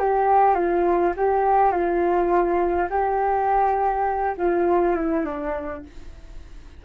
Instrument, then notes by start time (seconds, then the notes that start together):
flute
0.00 G4
0.55 F4
1.17 G4
1.72 F4
2.90 G4
4.38 F4
4.96 E4
5.25 D4